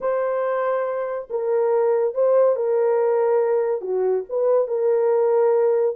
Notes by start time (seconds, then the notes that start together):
0.00 C5
1.30 A#4
2.14 C5
2.56 A#4
3.81 F#4
4.29 B4
4.67 A#4